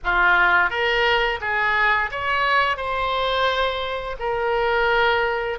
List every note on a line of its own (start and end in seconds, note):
0.03 0.70 F4
0.70 1.40 A#4
1.40 2.10 G#4
2.11 2.76 C#5
2.76 4.16 C5
4.19 5.58 A#4